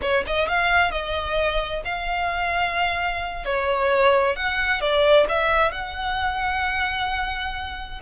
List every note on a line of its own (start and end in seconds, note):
0.01 0.24 C#5
0.26 0.48 D#5
0.48 0.91 F5
0.91 1.83 D#5
1.84 3.45 F5
3.45 4.36 C#5
4.36 4.80 F#5
4.80 5.26 D5
5.28 5.71 E5
5.71 8.00 F#5